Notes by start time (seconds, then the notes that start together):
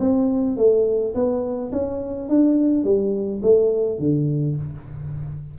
0.00 C4
0.57 A3
1.15 B3
1.72 C#4
2.29 D4
2.84 G3
3.43 A3
3.99 D3